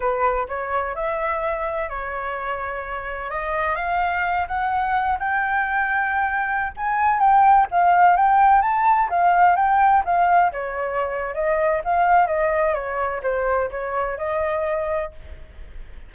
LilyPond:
\new Staff \with { instrumentName = "flute" } { \time 4/4 \tempo 4 = 127 b'4 cis''4 e''2 | cis''2. dis''4 | f''4. fis''4. g''4~ | g''2~ g''16 gis''4 g''8.~ |
g''16 f''4 g''4 a''4 f''8.~ | f''16 g''4 f''4 cis''4.~ cis''16 | dis''4 f''4 dis''4 cis''4 | c''4 cis''4 dis''2 | }